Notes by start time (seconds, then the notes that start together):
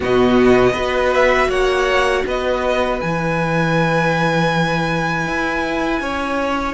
0.00 B2 B3 F#4 D#5
0.72 B3 F#4 B4
1.13 E5
1.48 A#3 C#5 F#5
2.25 B3 B4 D#5
3.00 E3 E4 G#5
5.26 E4
6.00 C#4 C#5